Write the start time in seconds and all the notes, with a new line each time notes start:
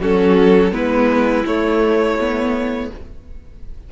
0.00 F#3 C#4 F#4 A4
0.72 G#3 B3 E4 B4
1.46 A3 C#5
2.19 B3